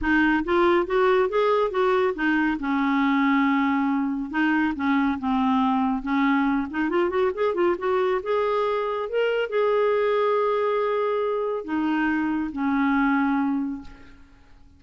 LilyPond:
\new Staff \with { instrumentName = "clarinet" } { \time 4/4 \tempo 4 = 139 dis'4 f'4 fis'4 gis'4 | fis'4 dis'4 cis'2~ | cis'2 dis'4 cis'4 | c'2 cis'4. dis'8 |
f'8 fis'8 gis'8 f'8 fis'4 gis'4~ | gis'4 ais'4 gis'2~ | gis'2. dis'4~ | dis'4 cis'2. | }